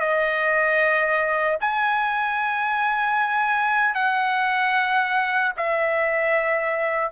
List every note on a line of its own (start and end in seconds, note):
0.00 1.58 D#5
1.60 3.95 G#5
3.95 5.53 F#5
5.57 7.12 E5